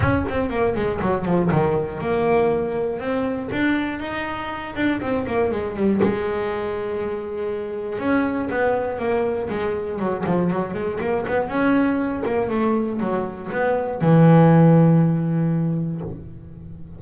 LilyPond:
\new Staff \with { instrumentName = "double bass" } { \time 4/4 \tempo 4 = 120 cis'8 c'8 ais8 gis8 fis8 f8 dis4 | ais2 c'4 d'4 | dis'4. d'8 c'8 ais8 gis8 g8 | gis1 |
cis'4 b4 ais4 gis4 | fis8 f8 fis8 gis8 ais8 b8 cis'4~ | cis'8 ais8 a4 fis4 b4 | e1 | }